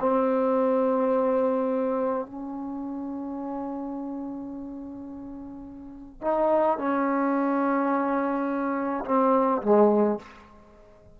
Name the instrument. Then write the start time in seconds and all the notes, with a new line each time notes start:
trombone
0.00 C4
2.26 C#4
6.22 D#4
6.78 C#4
9.05 C4
9.63 G#3